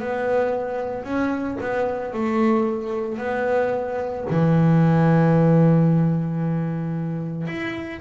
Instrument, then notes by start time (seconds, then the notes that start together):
double bass
0.00 B3
1.05 C#4
1.61 B3
2.14 A3
3.19 B3
4.30 E3
7.48 E4